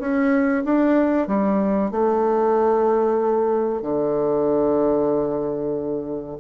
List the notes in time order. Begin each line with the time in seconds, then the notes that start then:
0.00 C#4
0.65 D4
1.28 G3
1.91 A3
3.82 D3